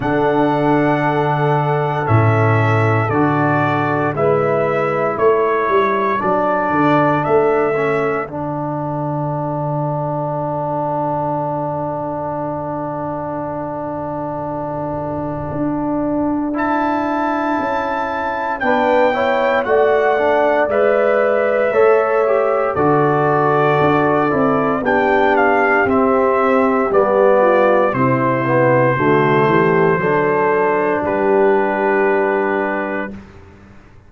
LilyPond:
<<
  \new Staff \with { instrumentName = "trumpet" } { \time 4/4 \tempo 4 = 58 fis''2 e''4 d''4 | e''4 cis''4 d''4 e''4 | fis''1~ | fis''1 |
a''2 g''4 fis''4 | e''2 d''2 | g''8 f''8 e''4 d''4 c''4~ | c''2 b'2 | }
  \new Staff \with { instrumentName = "horn" } { \time 4/4 a'1 | b'4 a'2.~ | a'1~ | a'1~ |
a'2 b'8 cis''8 d''4~ | d''4 cis''4 a'2 | g'2~ g'8 f'8 e'4 | fis'8 g'8 a'4 g'2 | }
  \new Staff \with { instrumentName = "trombone" } { \time 4/4 d'2 cis'4 fis'4 | e'2 d'4. cis'8 | d'1~ | d'1 |
e'2 d'8 e'8 fis'8 d'8 | b'4 a'8 g'8 fis'4. e'8 | d'4 c'4 b4 c'8 b8 | a4 d'2. | }
  \new Staff \with { instrumentName = "tuba" } { \time 4/4 d2 a,4 d4 | gis4 a8 g8 fis8 d8 a4 | d1~ | d2. d'4~ |
d'4 cis'4 b4 a4 | gis4 a4 d4 d'8 c'8 | b4 c'4 g4 c4 | d8 e8 fis4 g2 | }
>>